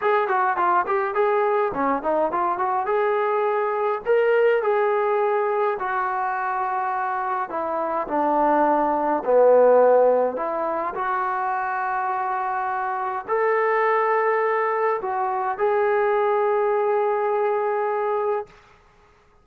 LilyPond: \new Staff \with { instrumentName = "trombone" } { \time 4/4 \tempo 4 = 104 gis'8 fis'8 f'8 g'8 gis'4 cis'8 dis'8 | f'8 fis'8 gis'2 ais'4 | gis'2 fis'2~ | fis'4 e'4 d'2 |
b2 e'4 fis'4~ | fis'2. a'4~ | a'2 fis'4 gis'4~ | gis'1 | }